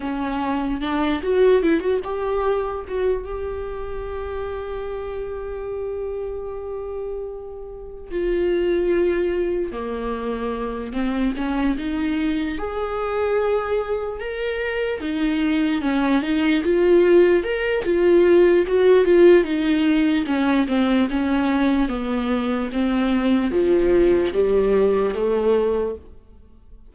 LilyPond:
\new Staff \with { instrumentName = "viola" } { \time 4/4 \tempo 4 = 74 cis'4 d'8 fis'8 e'16 fis'16 g'4 fis'8 | g'1~ | g'2 f'2 | ais4. c'8 cis'8 dis'4 gis'8~ |
gis'4. ais'4 dis'4 cis'8 | dis'8 f'4 ais'8 f'4 fis'8 f'8 | dis'4 cis'8 c'8 cis'4 b4 | c'4 f4 g4 a4 | }